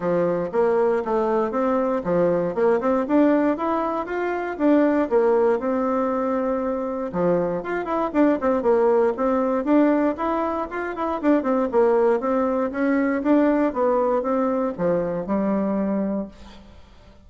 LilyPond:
\new Staff \with { instrumentName = "bassoon" } { \time 4/4 \tempo 4 = 118 f4 ais4 a4 c'4 | f4 ais8 c'8 d'4 e'4 | f'4 d'4 ais4 c'4~ | c'2 f4 f'8 e'8 |
d'8 c'8 ais4 c'4 d'4 | e'4 f'8 e'8 d'8 c'8 ais4 | c'4 cis'4 d'4 b4 | c'4 f4 g2 | }